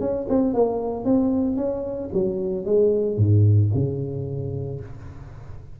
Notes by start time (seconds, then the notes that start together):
0.00 C#4
0.29 C4
0.54 A#3
1.05 C4
1.57 C#4
2.13 F#3
2.65 G#3
3.17 G#2
3.74 C#3